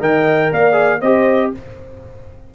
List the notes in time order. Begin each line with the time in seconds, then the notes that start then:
0.00 D#3 A#4 D#5 G5
0.51 A#3 D5 F5
0.72 G#4
0.99 C4 G4 C5 D#5